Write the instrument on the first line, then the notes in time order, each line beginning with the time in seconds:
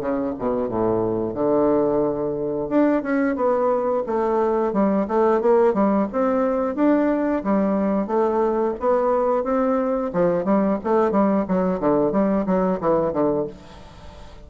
bassoon
0.00 C#3
0.38 B2
0.68 A2
1.34 D3
2.68 D4
3.02 C#4
3.36 B3
4.06 A3
4.73 G3
5.07 A3
5.41 A#3
5.73 G3
6.12 C4
6.75 D4
7.43 G3
8.07 A3
8.79 B3
9.44 C4
10.12 F3
10.44 G3
10.84 A3
11.11 G3
11.48 F#3
11.79 D3
12.12 G3
12.46 F#3
12.80 E3
13.13 D3